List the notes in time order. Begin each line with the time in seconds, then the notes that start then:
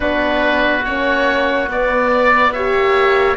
0.00 B3 D4 F#4 B4
0.84 A#3 C#4 C#5
1.68 B3 D5
2.12 D5
2.52 G4 C#5 E5
2.73 A#3